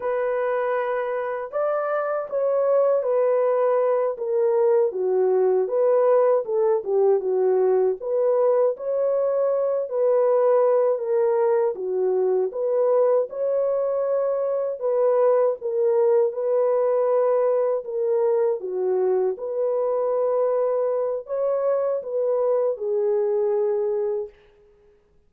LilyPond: \new Staff \with { instrumentName = "horn" } { \time 4/4 \tempo 4 = 79 b'2 d''4 cis''4 | b'4. ais'4 fis'4 b'8~ | b'8 a'8 g'8 fis'4 b'4 cis''8~ | cis''4 b'4. ais'4 fis'8~ |
fis'8 b'4 cis''2 b'8~ | b'8 ais'4 b'2 ais'8~ | ais'8 fis'4 b'2~ b'8 | cis''4 b'4 gis'2 | }